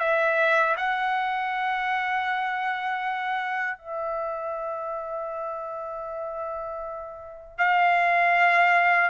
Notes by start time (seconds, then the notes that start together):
0.00 E5
0.77 F#5
3.78 E5
7.58 F5